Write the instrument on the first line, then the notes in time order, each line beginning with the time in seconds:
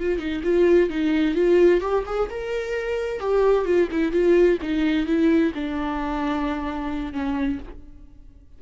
viola
0.00 F4
0.18 D#4
0.43 F4
0.89 D#4
1.35 F4
1.81 G4
2.06 G#4
2.30 A#4
3.20 G4
3.65 F4
3.91 E4
4.12 F4
4.62 D#4
5.06 E4
5.54 D4
7.13 C#4